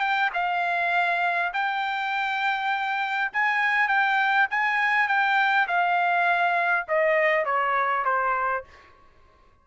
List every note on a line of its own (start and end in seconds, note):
0.00 0.30 G5
0.33 1.52 F5
1.53 3.31 G5
3.33 3.88 G#5
3.88 4.47 G5
4.50 5.08 G#5
5.08 5.67 G5
5.67 6.86 F5
6.88 7.45 D#5
7.45 8.04 C#5
8.05 8.64 C5